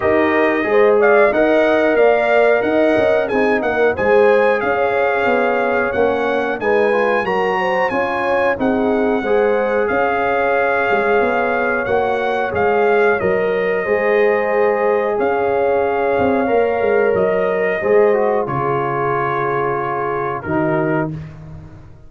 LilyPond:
<<
  \new Staff \with { instrumentName = "trumpet" } { \time 4/4 \tempo 4 = 91 dis''4. f''8 fis''4 f''4 | fis''4 gis''8 fis''8 gis''4 f''4~ | f''4 fis''4 gis''4 ais''4 | gis''4 fis''2 f''4~ |
f''2 fis''4 f''4 | dis''2. f''4~ | f''2 dis''2 | cis''2. ais'4 | }
  \new Staff \with { instrumentName = "horn" } { \time 4/4 ais'4 c''8 d''8 dis''4 d''4 | dis''4 gis'8 ais'8 c''4 cis''4~ | cis''2 b'4 ais'8 c''8 | cis''4 gis'4 c''4 cis''4~ |
cis''1~ | cis''4 c''2 cis''4~ | cis''2. c''4 | gis'2. fis'4 | }
  \new Staff \with { instrumentName = "trombone" } { \time 4/4 g'4 gis'4 ais'2~ | ais'4 dis'4 gis'2~ | gis'4 cis'4 dis'8 f'8 fis'4 | f'4 dis'4 gis'2~ |
gis'2 fis'4 gis'4 | ais'4 gis'2.~ | gis'4 ais'2 gis'8 fis'8 | f'2. dis'4 | }
  \new Staff \with { instrumentName = "tuba" } { \time 4/4 dis'4 gis4 dis'4 ais4 | dis'8 cis'8 c'8 ais8 gis4 cis'4 | b4 ais4 gis4 fis4 | cis'4 c'4 gis4 cis'4~ |
cis'8 gis8 b4 ais4 gis4 | fis4 gis2 cis'4~ | cis'8 c'8 ais8 gis8 fis4 gis4 | cis2. dis4 | }
>>